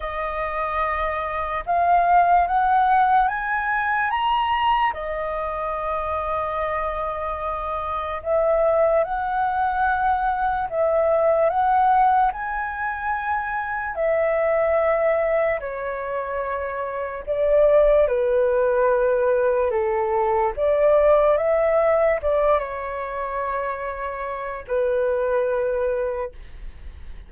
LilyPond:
\new Staff \with { instrumentName = "flute" } { \time 4/4 \tempo 4 = 73 dis''2 f''4 fis''4 | gis''4 ais''4 dis''2~ | dis''2 e''4 fis''4~ | fis''4 e''4 fis''4 gis''4~ |
gis''4 e''2 cis''4~ | cis''4 d''4 b'2 | a'4 d''4 e''4 d''8 cis''8~ | cis''2 b'2 | }